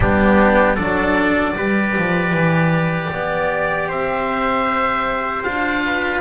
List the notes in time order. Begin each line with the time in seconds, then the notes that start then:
0.00 G3 B3 D4 G4
0.75 F#3 D4 A4 D5
1.55 G3 G4 B4
1.97 F3
2.33 E3
3.12 B3 D5
3.88 C4 C5 E5
5.43 D4 F4 F5
5.85 B4